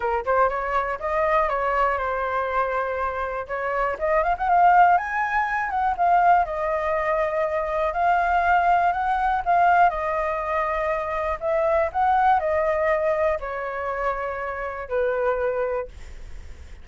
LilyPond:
\new Staff \with { instrumentName = "flute" } { \time 4/4 \tempo 4 = 121 ais'8 c''8 cis''4 dis''4 cis''4 | c''2. cis''4 | dis''8 f''16 fis''16 f''4 gis''4. fis''8 | f''4 dis''2. |
f''2 fis''4 f''4 | dis''2. e''4 | fis''4 dis''2 cis''4~ | cis''2 b'2 | }